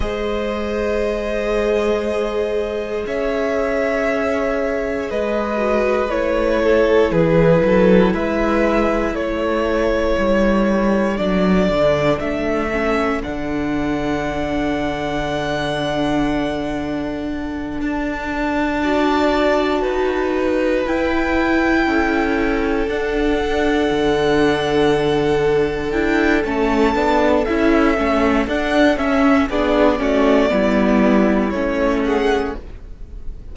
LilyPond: <<
  \new Staff \with { instrumentName = "violin" } { \time 4/4 \tempo 4 = 59 dis''2. e''4~ | e''4 dis''4 cis''4 b'4 | e''4 cis''2 d''4 | e''4 fis''2.~ |
fis''4. a''2~ a''8~ | a''8 g''2 fis''4.~ | fis''4. g''8 a''4 e''4 | fis''8 e''8 d''2 cis''8 fis''8 | }
  \new Staff \with { instrumentName = "violin" } { \time 4/4 c''2. cis''4~ | cis''4 b'4. a'8 gis'8 a'8 | b'4 a'2.~ | a'1~ |
a'2~ a'8 d''4 b'8~ | b'4. a'2~ a'8~ | a'1~ | a'4 gis'8 fis'8 e'4. gis'8 | }
  \new Staff \with { instrumentName = "viola" } { \time 4/4 gis'1~ | gis'4. fis'8 e'2~ | e'2. d'4~ | d'8 cis'8 d'2.~ |
d'2~ d'8 fis'4.~ | fis'8 e'2 d'4.~ | d'4. e'8 cis'8 d'8 e'8 cis'8 | d'8 cis'8 d'8 cis'8 b4 cis'4 | }
  \new Staff \with { instrumentName = "cello" } { \time 4/4 gis2. cis'4~ | cis'4 gis4 a4 e8 fis8 | gis4 a4 g4 fis8 d8 | a4 d2.~ |
d4. d'2 dis'8~ | dis'8 e'4 cis'4 d'4 d8~ | d4. d'8 a8 b8 cis'8 a8 | d'8 cis'8 b8 a8 g4 a4 | }
>>